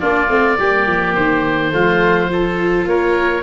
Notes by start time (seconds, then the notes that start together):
0.00 A#3 D4 F4 D5
0.28 A3 C4
0.59 G3 A#3 G4
0.87 F3
1.15 D#3 C5
1.72 F3 A3 F4
2.28 F4 A4
2.86 A#3 A#4 C#5